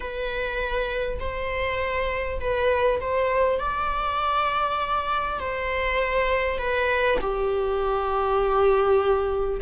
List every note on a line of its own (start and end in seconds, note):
0.00 1.18 B4
1.19 2.39 C5
2.40 3.00 B4
3.00 3.59 C5
3.59 5.39 D5
5.39 6.58 C5
6.58 7.18 B4
7.21 9.61 G4